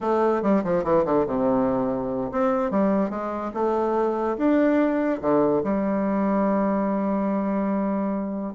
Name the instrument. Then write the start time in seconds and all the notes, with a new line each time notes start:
bassoon
0.00 A3
0.42 G3
0.64 F3
0.83 E3
1.05 D3
1.26 C3
2.31 C4
2.71 G3
3.10 G#3
3.54 A3
4.37 D4
5.21 D3
5.63 G3